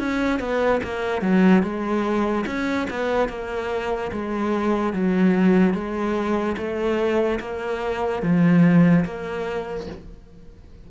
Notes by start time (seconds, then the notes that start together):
0.00 C#4
0.40 B3
0.84 A#3
1.22 F#3
1.63 G#3
2.47 C#4
2.91 B3
3.30 A#3
4.12 G#3
4.94 F#3
5.74 G#3
6.58 A3
7.40 A#3
8.23 F3
9.05 A#3